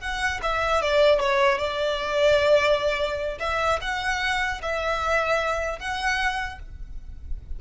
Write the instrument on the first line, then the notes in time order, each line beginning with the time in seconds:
violin
0.00 F#5
0.42 E5
0.81 D5
1.20 C#5
1.58 D5
3.39 E5
3.81 F#5
4.62 E5
5.79 F#5